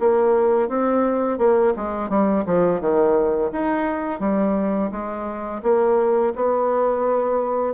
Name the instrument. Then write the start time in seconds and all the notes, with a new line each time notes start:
bassoon
0.00 A#3
0.69 C4
1.38 A#3
1.76 G#3
2.10 G3
2.46 F3
2.81 D#3
3.53 D#4
4.20 G3
4.92 G#3
5.63 A#3
6.36 B3